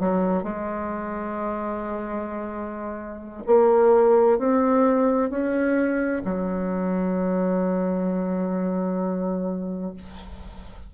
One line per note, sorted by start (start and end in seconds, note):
0.00 0.44 F#3
0.44 3.44 G#3
3.47 4.39 A#3
4.39 5.31 C4
5.31 6.23 C#4
6.26 9.95 F#3